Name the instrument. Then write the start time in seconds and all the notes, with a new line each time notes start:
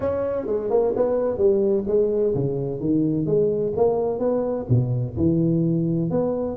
tuba
0.00 C#4
0.46 G#3
0.70 A#3
0.95 B3
1.37 G3
1.87 G#3
2.34 C#3
2.80 D#3
3.26 G#3
3.76 A#3
4.19 B3
4.69 B2
5.16 E3
6.10 B3